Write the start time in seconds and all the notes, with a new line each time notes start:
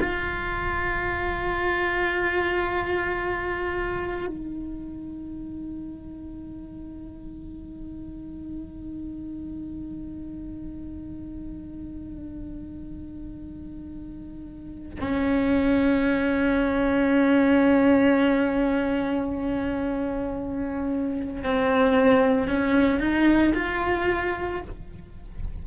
0.00 F4
4.27 D#4
15.01 C#4
21.44 C4
22.48 C#4
23.00 D#4
23.54 F4